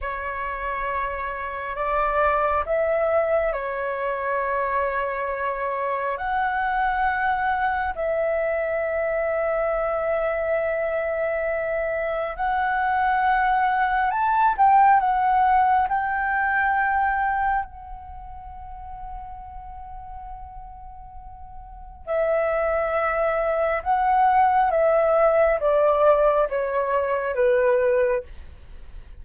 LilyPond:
\new Staff \with { instrumentName = "flute" } { \time 4/4 \tempo 4 = 68 cis''2 d''4 e''4 | cis''2. fis''4~ | fis''4 e''2.~ | e''2 fis''2 |
a''8 g''8 fis''4 g''2 | fis''1~ | fis''4 e''2 fis''4 | e''4 d''4 cis''4 b'4 | }